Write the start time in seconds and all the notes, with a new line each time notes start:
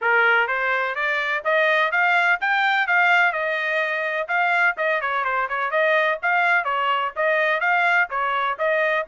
0.01 A#4
0.47 C5
0.95 D5
1.44 D#5
1.91 F5
2.40 G5
2.87 F5
3.32 D#5
4.28 F5
4.77 D#5
5.01 C#5
5.24 C5
5.48 C#5
5.70 D#5
6.22 F5
6.64 C#5
7.16 D#5
7.60 F5
8.10 C#5
8.58 D#5